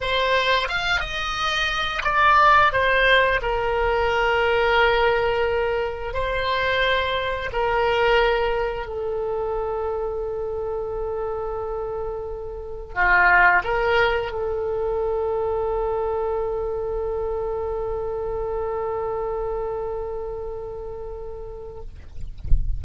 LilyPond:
\new Staff \with { instrumentName = "oboe" } { \time 4/4 \tempo 4 = 88 c''4 f''8 dis''4. d''4 | c''4 ais'2.~ | ais'4 c''2 ais'4~ | ais'4 a'2.~ |
a'2. f'4 | ais'4 a'2.~ | a'1~ | a'1 | }